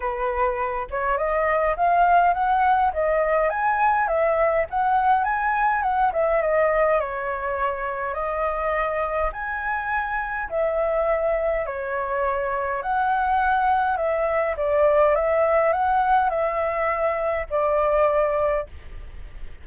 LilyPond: \new Staff \with { instrumentName = "flute" } { \time 4/4 \tempo 4 = 103 b'4. cis''8 dis''4 f''4 | fis''4 dis''4 gis''4 e''4 | fis''4 gis''4 fis''8 e''8 dis''4 | cis''2 dis''2 |
gis''2 e''2 | cis''2 fis''2 | e''4 d''4 e''4 fis''4 | e''2 d''2 | }